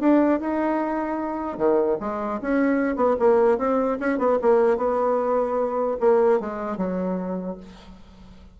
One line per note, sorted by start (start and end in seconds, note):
0.00 0.40 D4
0.40 1.58 D#4
1.58 1.98 D#3
2.00 2.40 G#3
2.42 2.96 C#4
2.96 3.16 B3
3.19 3.58 A#3
3.58 3.98 C4
4.00 4.19 C#4
4.19 4.39 B3
4.42 4.77 A#3
4.77 5.97 B3
6.00 6.40 A#3
6.40 6.77 G#3
6.77 7.57 F#3